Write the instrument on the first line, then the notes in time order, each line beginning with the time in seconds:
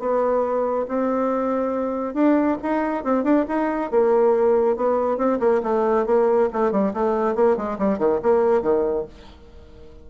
bassoon
0.00 B3
0.88 C4
2.15 D4
2.63 D#4
3.05 C4
3.24 D4
3.49 D#4
3.91 A#3
4.77 B3
5.18 C4
5.40 A#3
5.64 A3
6.06 A#3
6.53 A3
6.72 G3
6.94 A3
7.36 A#3
7.57 G#3
7.79 G3
7.99 D#3
8.23 A#3
8.63 D#3